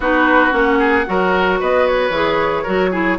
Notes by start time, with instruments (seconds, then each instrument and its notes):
0.00 bassoon B3, clarinet D#4, oboe F#4, flute B4
0.51 bassoon A#3, clarinet C#4, flute F#5
0.78 oboe G#4
1.05 bassoon F#3, clarinet F#4, oboe A#4
1.59 bassoon B3, oboe B4, flute D#5
1.87 flute C#5
2.09 bassoon E3, clarinet G#4
2.63 bassoon F#3, clarinet F#4, oboe A#4
2.91 clarinet E4, oboe G#4